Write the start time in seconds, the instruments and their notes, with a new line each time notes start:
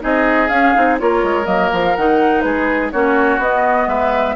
0.00 bassoon C4, clarinet D#4, oboe G#4, flute D#5
0.49 bassoon C#4, clarinet C#4, flute F5
0.75 bassoon C4, clarinet D#4
0.99 bassoon A#3, clarinet F4, oboe A#4, flute C#5
1.24 bassoon G#3
1.44 bassoon F#3, clarinet A#3, flute D#5
1.73 bassoon F3, flute F5
1.97 bassoon D#3, clarinet D#4, flute F#5
2.42 bassoon G#3, oboe G#4, flute B4
2.92 bassoon A#3, clarinet C#4, oboe F#4, flute C#5
3.38 bassoon B3, clarinet B3, flute D#5
3.88 bassoon G#3, oboe B4, flute E5